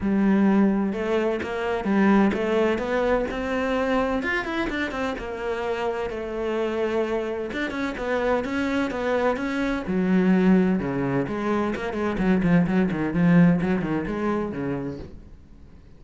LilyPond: \new Staff \with { instrumentName = "cello" } { \time 4/4 \tempo 4 = 128 g2 a4 ais4 | g4 a4 b4 c'4~ | c'4 f'8 e'8 d'8 c'8 ais4~ | ais4 a2. |
d'8 cis'8 b4 cis'4 b4 | cis'4 fis2 cis4 | gis4 ais8 gis8 fis8 f8 fis8 dis8 | f4 fis8 dis8 gis4 cis4 | }